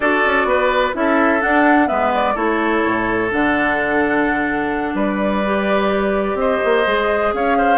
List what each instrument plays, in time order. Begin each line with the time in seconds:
0.00 bassoon D4, clarinet F#4, oboe A4, flute D5
0.25 bassoon C#4
0.44 bassoon B3, oboe B4
0.93 bassoon C#4, clarinet E4, oboe A4, flute E5
1.40 clarinet D4, bassoon D4, flute F#5
1.86 bassoon G#3, clarinet B3, oboe B4, flute E5
2.14 flute D5
2.34 bassoon A3, clarinet E4, oboe A4, flute C#5
2.85 bassoon A2
3.30 bassoon D3, clarinet D4, flute F#5
4.93 bassoon G3, oboe B4, flute D5
5.44 clarinet G4
6.34 bassoon C4, oboe C5, flute D#5
6.64 bassoon A#3
6.86 bassoon G#3, clarinet G#4
7.33 bassoon C#4, oboe C#5, flute F5
7.57 oboe C5